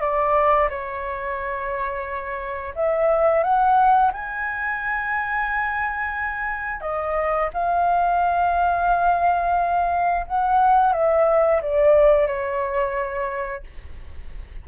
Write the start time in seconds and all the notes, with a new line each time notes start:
0.00 D5
0.69 C#5
2.75 E5
3.43 F#5
4.12 G#5
6.81 D#5
7.53 F5
10.27 F#5
10.92 E5
11.62 D5
12.27 C#5